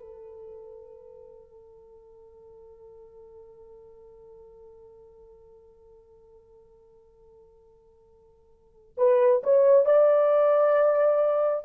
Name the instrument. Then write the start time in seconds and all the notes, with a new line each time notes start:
horn
0.00 A4
8.98 B4
9.44 C#5
9.86 D5